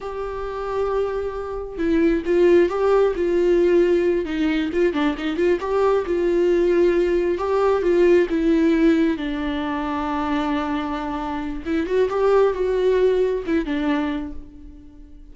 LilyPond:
\new Staff \with { instrumentName = "viola" } { \time 4/4 \tempo 4 = 134 g'1 | e'4 f'4 g'4 f'4~ | f'4. dis'4 f'8 d'8 dis'8 | f'8 g'4 f'2~ f'8~ |
f'8 g'4 f'4 e'4.~ | e'8 d'2.~ d'8~ | d'2 e'8 fis'8 g'4 | fis'2 e'8 d'4. | }